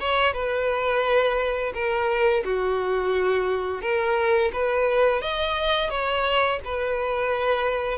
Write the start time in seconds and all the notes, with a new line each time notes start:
0.00 C#5
0.33 B4
1.74 A#4
2.45 F#4
3.82 A#4
4.53 B4
5.22 D#5
5.90 C#5
6.65 B4